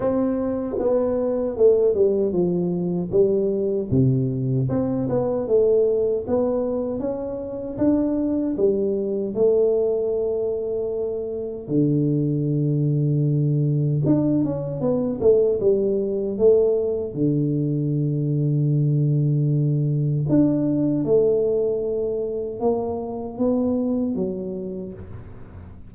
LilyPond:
\new Staff \with { instrumentName = "tuba" } { \time 4/4 \tempo 4 = 77 c'4 b4 a8 g8 f4 | g4 c4 c'8 b8 a4 | b4 cis'4 d'4 g4 | a2. d4~ |
d2 d'8 cis'8 b8 a8 | g4 a4 d2~ | d2 d'4 a4~ | a4 ais4 b4 fis4 | }